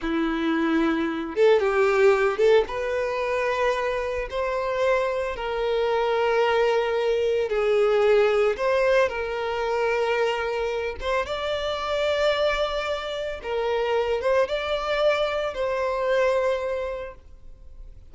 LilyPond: \new Staff \with { instrumentName = "violin" } { \time 4/4 \tempo 4 = 112 e'2~ e'8 a'8 g'4~ | g'8 a'8 b'2. | c''2 ais'2~ | ais'2 gis'2 |
c''4 ais'2.~ | ais'8 c''8 d''2.~ | d''4 ais'4. c''8 d''4~ | d''4 c''2. | }